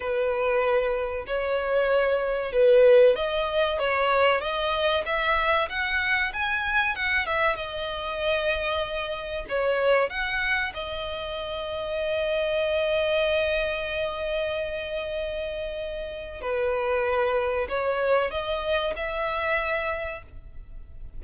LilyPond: \new Staff \with { instrumentName = "violin" } { \time 4/4 \tempo 4 = 95 b'2 cis''2 | b'4 dis''4 cis''4 dis''4 | e''4 fis''4 gis''4 fis''8 e''8 | dis''2. cis''4 |
fis''4 dis''2.~ | dis''1~ | dis''2 b'2 | cis''4 dis''4 e''2 | }